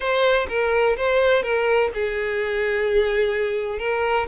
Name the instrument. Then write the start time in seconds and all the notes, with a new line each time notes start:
violin
0.00 C5
0.48 A#4
0.97 C5
1.42 A#4
1.94 G#4
3.78 A#4